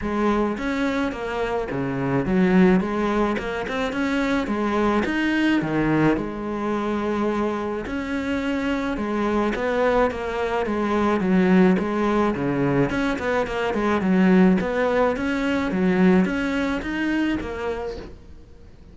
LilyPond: \new Staff \with { instrumentName = "cello" } { \time 4/4 \tempo 4 = 107 gis4 cis'4 ais4 cis4 | fis4 gis4 ais8 c'8 cis'4 | gis4 dis'4 dis4 gis4~ | gis2 cis'2 |
gis4 b4 ais4 gis4 | fis4 gis4 cis4 cis'8 b8 | ais8 gis8 fis4 b4 cis'4 | fis4 cis'4 dis'4 ais4 | }